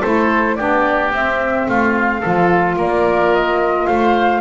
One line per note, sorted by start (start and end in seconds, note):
0.00 0.59 A3
0.00 0.58 E4
0.00 0.55 A4
0.00 0.55 C5
0.55 1.12 B3
0.55 1.13 D4
0.55 1.67 G4
0.55 1.10 D5
1.12 1.67 C4
1.12 2.23 C4
1.12 1.68 E5
1.68 2.23 A3
1.68 2.20 F4
1.68 2.78 F5
2.20 2.76 F3
2.20 4.41 F4
2.20 2.75 A4
2.76 3.86 A#3
2.76 3.86 A#4
2.76 3.34 D5
3.34 3.86 D#5
3.86 4.41 A3
3.86 4.41 C5
3.86 4.41 F5